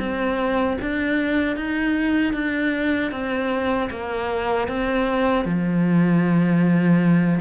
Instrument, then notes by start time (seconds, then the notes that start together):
cello
0.00 C4
0.82 D4
1.57 D#4
2.34 D4
3.12 C4
3.91 A#3
4.69 C4
5.45 F3